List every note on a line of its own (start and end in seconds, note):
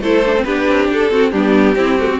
0.00 0.44 A3
0.00 0.24 E4
0.00 0.44 A4
0.00 0.43 C5
0.26 0.36 D4
0.36 0.46 C4
0.43 0.66 B3
0.43 1.09 D4
0.43 1.10 G4
0.43 0.87 B4
0.68 0.90 C4
0.91 1.11 D4
0.91 1.31 A4
1.09 1.31 C4
1.09 1.32 C4
1.09 1.31 F#4
1.31 1.75 G3
1.31 1.76 B3
1.31 1.75 D4
1.31 2.18 G4
1.75 2.19 C4
1.75 1.97 C4
1.75 1.99 E4
1.98 2.09 A3
1.98 2.20 F#4
2.11 2.20 C4